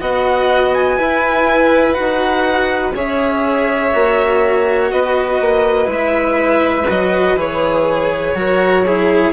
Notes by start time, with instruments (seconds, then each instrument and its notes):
0.00 bassoon B3, cello F#4, violin D#5 F#5
0.74 violin G#5
0.97 cello E4, bassoon E4, violin B4
1.93 bassoon D#4, cello F#4, violin F#5
2.95 bassoon C#4, cello G#4, violin C#5 E5
3.92 bassoon A#3, cello F#4
4.91 bassoon B3, violin B4 D#5
5.40 bassoon A#3
5.85 bassoon G#3, cello E4
5.92 violin E5
6.90 bassoon F#3, cello F#4, violin D#5
7.35 bassoon E3, cello G#4, violin C#5
8.35 bassoon F#3, cello F#4, violin A#4
8.85 cello E4, violin G#4